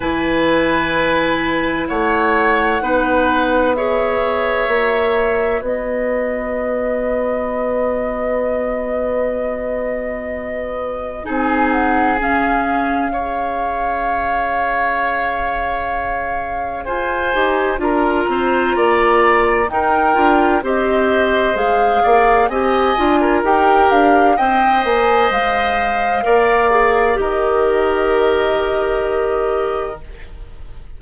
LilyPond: <<
  \new Staff \with { instrumentName = "flute" } { \time 4/4 \tempo 4 = 64 gis''2 fis''2 | e''2 dis''2~ | dis''1 | gis''8 fis''8 f''2.~ |
f''2 gis''4 ais''4~ | ais''4 g''4 dis''4 f''4 | gis''4 g''8 f''8 g''8 gis''8 f''4~ | f''4 dis''2. | }
  \new Staff \with { instrumentName = "oboe" } { \time 4/4 b'2 cis''4 b'4 | cis''2 b'2~ | b'1 | gis'2 cis''2~ |
cis''2 c''4 ais'8 c''8 | d''4 ais'4 c''4. d''8 | dis''8. ais'4~ ais'16 dis''2 | d''4 ais'2. | }
  \new Staff \with { instrumentName = "clarinet" } { \time 4/4 e'2. dis'4 | gis'4 fis'2.~ | fis'1 | dis'4 cis'4 gis'2~ |
gis'2~ gis'8 g'8 f'4~ | f'4 dis'8 f'8 g'4 gis'4 | g'8 f'8 g'4 c''2 | ais'8 gis'8 g'2. | }
  \new Staff \with { instrumentName = "bassoon" } { \time 4/4 e2 a4 b4~ | b4 ais4 b2~ | b1 | c'4 cis'2.~ |
cis'2 f'8 dis'8 d'8 c'8 | ais4 dis'8 d'8 c'4 gis8 ais8 | c'8 d'8 dis'8 d'8 c'8 ais8 gis4 | ais4 dis2. | }
>>